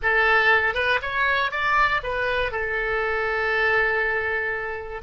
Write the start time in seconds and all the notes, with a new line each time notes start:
0.02 A4
0.74 B4
1.02 C#5
1.51 D5
2.02 B4
2.51 A4